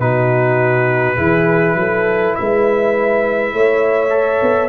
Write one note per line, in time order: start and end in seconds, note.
0.00 1.18 B2
0.00 1.17 D#4
0.00 1.17 F#4
0.00 2.35 B4
1.17 1.75 E3
1.17 4.10 E4
1.17 1.76 G#4
1.75 2.34 F#3
1.75 2.38 A4
2.35 3.53 G#3
2.35 3.54 B4
2.35 4.70 E5
3.53 4.41 A3
3.53 4.70 C#5
4.10 4.69 A4
4.42 4.70 B3